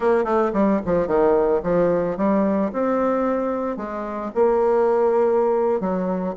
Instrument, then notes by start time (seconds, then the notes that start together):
bassoon
0.00 A#3
0.24 A3
0.53 G3
0.85 F3
1.07 D#3
1.63 F3
2.17 G3
2.72 C4
3.77 G#3
4.34 A#3
5.80 F#3